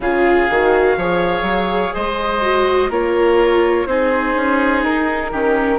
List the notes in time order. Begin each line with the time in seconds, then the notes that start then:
0.00 C#3 F4 G#4 F5
0.50 D#3 F#4
0.97 F3 G#4 C#5
1.42 F#3
1.94 G#3 C5 D#5
2.41 F#4
2.89 A#3 F4 A#4 C#5
3.85 C4 D#4 G#4 C5
4.35 C#4
4.82 D#4 A#4
5.31 D#3 C#4 G4